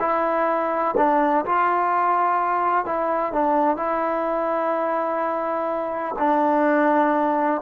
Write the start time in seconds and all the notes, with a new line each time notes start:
0.00 E4
0.97 D4
1.45 F4
2.86 E4
3.32 D4
3.77 E4
6.19 D4